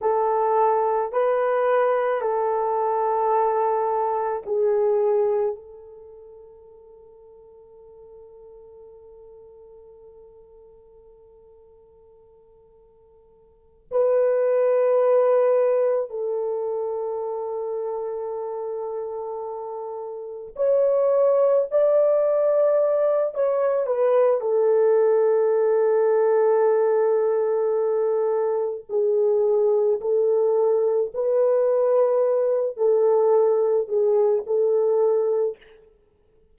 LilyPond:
\new Staff \with { instrumentName = "horn" } { \time 4/4 \tempo 4 = 54 a'4 b'4 a'2 | gis'4 a'2.~ | a'1~ | a'8 b'2 a'4.~ |
a'2~ a'8 cis''4 d''8~ | d''4 cis''8 b'8 a'2~ | a'2 gis'4 a'4 | b'4. a'4 gis'8 a'4 | }